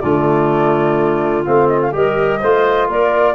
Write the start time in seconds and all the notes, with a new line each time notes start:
0.00 D3 A3 F4 D5
1.45 A3 C4 F5
1.68 D#5
1.81 F5
1.92 G3 G4 A#4 D#5
2.40 A3 F4 C5
2.88 A#3 A#4 D5